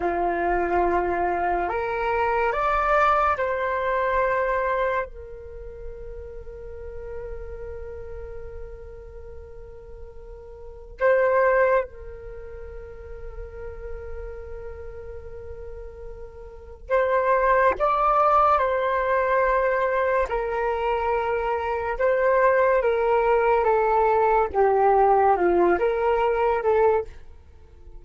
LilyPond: \new Staff \with { instrumentName = "flute" } { \time 4/4 \tempo 4 = 71 f'2 ais'4 d''4 | c''2 ais'2~ | ais'1~ | ais'4 c''4 ais'2~ |
ais'1 | c''4 d''4 c''2 | ais'2 c''4 ais'4 | a'4 g'4 f'8 ais'4 a'8 | }